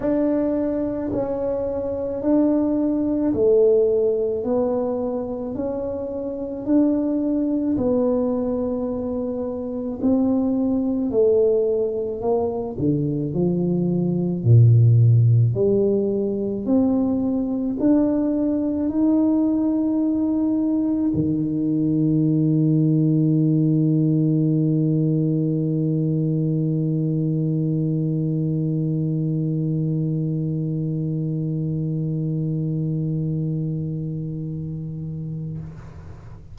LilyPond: \new Staff \with { instrumentName = "tuba" } { \time 4/4 \tempo 4 = 54 d'4 cis'4 d'4 a4 | b4 cis'4 d'4 b4~ | b4 c'4 a4 ais8 d8 | f4 ais,4 g4 c'4 |
d'4 dis'2 dis4~ | dis1~ | dis1~ | dis1 | }